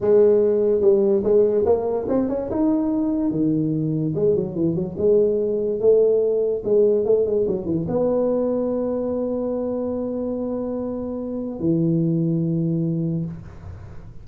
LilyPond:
\new Staff \with { instrumentName = "tuba" } { \time 4/4 \tempo 4 = 145 gis2 g4 gis4 | ais4 c'8 cis'8 dis'2 | dis2 gis8 fis8 e8 fis8 | gis2 a2 |
gis4 a8 gis8 fis8 e8 b4~ | b1~ | b1 | e1 | }